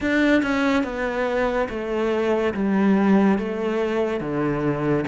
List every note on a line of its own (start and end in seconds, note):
0.00 0.42 D4
0.42 0.83 C#4
0.83 1.68 B3
1.69 2.54 A3
2.54 3.38 G3
3.38 4.20 A3
4.20 5.04 D3